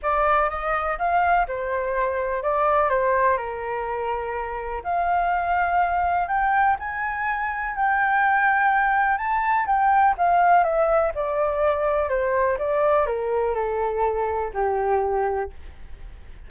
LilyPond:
\new Staff \with { instrumentName = "flute" } { \time 4/4 \tempo 4 = 124 d''4 dis''4 f''4 c''4~ | c''4 d''4 c''4 ais'4~ | ais'2 f''2~ | f''4 g''4 gis''2 |
g''2. a''4 | g''4 f''4 e''4 d''4~ | d''4 c''4 d''4 ais'4 | a'2 g'2 | }